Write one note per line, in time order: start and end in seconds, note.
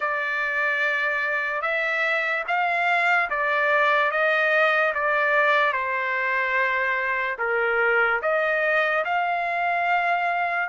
0.00 1.61 D5
1.61 2.44 E5
2.47 3.29 F5
3.30 4.11 D5
4.11 4.93 D#5
4.94 5.72 D5
5.72 7.37 C5
7.38 8.20 A#4
8.22 9.04 D#5
9.04 10.68 F5